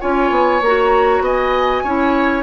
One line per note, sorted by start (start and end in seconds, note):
0.00 0.30 C#4
0.00 0.61 F4
0.00 1.22 C#5
0.00 0.62 G#5
0.30 0.61 B3
0.61 1.20 A#3
0.61 1.86 F#4
0.61 1.24 A#5
1.20 1.81 B3
1.20 1.83 D#5
1.20 2.43 G#5
1.83 2.43 C#4
1.83 2.43 E4
1.83 2.43 C#5